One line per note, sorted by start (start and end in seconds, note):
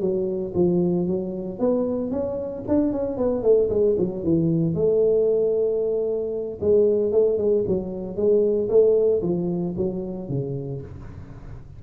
0.00 0.53 F#3
0.54 1.07 F3
1.07 1.59 F#3
1.59 2.11 B3
2.11 2.64 C#4
2.68 2.92 D4
2.92 3.17 C#4
3.17 3.43 B3
3.43 3.69 A3
3.70 3.96 G#3
3.99 4.24 F#3
4.24 4.75 E3
4.75 6.59 A3
6.61 7.12 G#3
7.12 7.38 A3
7.38 7.64 G#3
7.67 8.16 F#3
8.16 8.69 G#3
8.69 9.22 A3
9.22 9.75 F3
9.77 10.29 F#3
10.29 10.82 C#3